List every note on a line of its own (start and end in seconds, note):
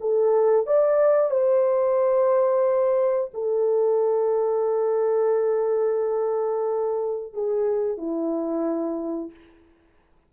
0.00 0.66 A4
0.66 1.31 D5
1.31 3.31 C5
3.34 7.33 A4
7.33 7.97 G#4
7.97 9.31 E4